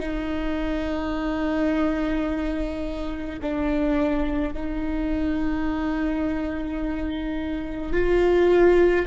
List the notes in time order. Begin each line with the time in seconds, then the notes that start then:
0.00 D#4
3.42 D4
4.53 D#4
7.92 F4